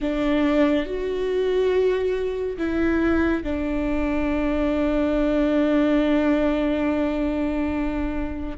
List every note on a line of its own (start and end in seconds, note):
0.00 0.86 D4
0.86 2.57 F#4
2.57 3.43 E4
3.43 8.57 D4